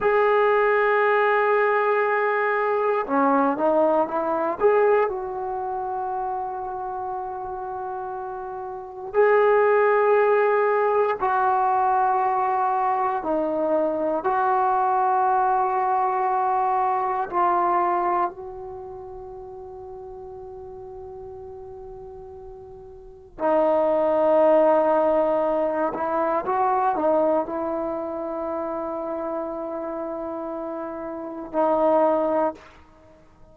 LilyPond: \new Staff \with { instrumentName = "trombone" } { \time 4/4 \tempo 4 = 59 gis'2. cis'8 dis'8 | e'8 gis'8 fis'2.~ | fis'4 gis'2 fis'4~ | fis'4 dis'4 fis'2~ |
fis'4 f'4 fis'2~ | fis'2. dis'4~ | dis'4. e'8 fis'8 dis'8 e'4~ | e'2. dis'4 | }